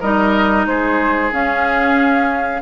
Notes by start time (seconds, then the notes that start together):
0.00 G3 D#4 A#4 D#5
0.66 G#3 G#4 C5
1.31 C#4 F5